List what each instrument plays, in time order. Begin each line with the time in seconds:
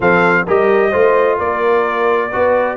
0.00 tuba F3, trombone C4, horn A4, trumpet F5
0.46 tuba G3, trombone G4, horn A#4, trumpet D#5
0.90 tuba A3, trombone F4, horn C5
1.37 tuba A#3, horn A#4, trumpet D5
2.30 tuba B3, trombone F#4, horn B4